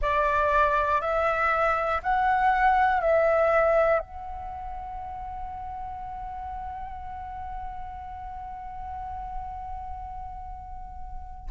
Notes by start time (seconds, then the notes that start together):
0.01 D5
1.01 E5
2.02 F#5
3.00 E5
3.99 F#5